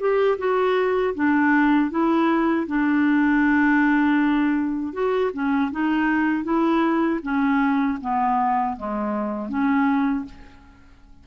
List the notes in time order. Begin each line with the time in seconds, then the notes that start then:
0.00 G4
0.39 F#4
1.15 D4
1.91 E4
2.67 D4
4.93 F#4
5.33 C#4
5.72 D#4
6.44 E4
7.23 C#4
8.01 B3
8.77 G#3
9.49 C#4